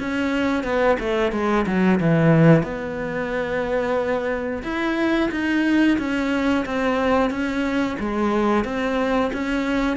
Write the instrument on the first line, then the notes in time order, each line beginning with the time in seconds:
cello
0.00 C#4
0.64 B3
1.00 A3
1.33 G#3
1.67 F#3
2.01 E3
2.63 B3
4.64 E4
5.32 D#4
5.99 C#4
6.66 C4
7.31 C#4
8.00 G#3
8.65 C4
9.34 C#4